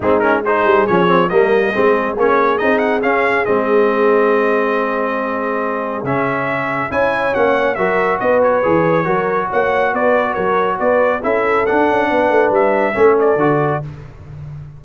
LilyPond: <<
  \new Staff \with { instrumentName = "trumpet" } { \time 4/4 \tempo 4 = 139 gis'8 ais'8 c''4 cis''4 dis''4~ | dis''4 cis''4 dis''8 fis''8 f''4 | dis''1~ | dis''2 e''2 |
gis''4 fis''4 e''4 dis''8 cis''8~ | cis''2 fis''4 d''4 | cis''4 d''4 e''4 fis''4~ | fis''4 e''4. d''4. | }
  \new Staff \with { instrumentName = "horn" } { \time 4/4 dis'4 gis'2 ais'4 | gis'1~ | gis'1~ | gis'1 |
cis''2 ais'4 b'4~ | b'4 ais'4 cis''4 b'4 | ais'4 b'4 a'2 | b'2 a'2 | }
  \new Staff \with { instrumentName = "trombone" } { \time 4/4 c'8 cis'8 dis'4 cis'8 c'8 ais4 | c'4 cis'4 dis'4 cis'4 | c'1~ | c'2 cis'2 |
e'4 cis'4 fis'2 | gis'4 fis'2.~ | fis'2 e'4 d'4~ | d'2 cis'4 fis'4 | }
  \new Staff \with { instrumentName = "tuba" } { \time 4/4 gis4. g8 f4 g4 | gis4 ais4 c'4 cis'4 | gis1~ | gis2 cis2 |
cis'4 ais4 fis4 b4 | e4 fis4 ais4 b4 | fis4 b4 cis'4 d'8 cis'8 | b8 a8 g4 a4 d4 | }
>>